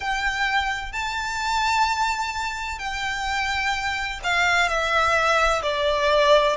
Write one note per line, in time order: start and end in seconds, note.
0.00 0.92 G5
0.92 2.79 A5
2.79 4.19 G5
4.23 4.68 F5
4.68 5.62 E5
5.62 6.56 D5